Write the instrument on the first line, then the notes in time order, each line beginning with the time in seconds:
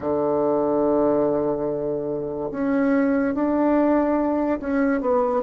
bassoon
0.00 D3
2.51 C#4
3.34 D4
4.59 C#4
5.00 B3